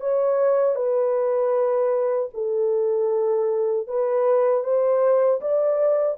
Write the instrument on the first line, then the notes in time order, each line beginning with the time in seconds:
horn
0.00 C#5
0.75 B4
2.34 A4
3.87 B4
4.63 C5
5.41 D5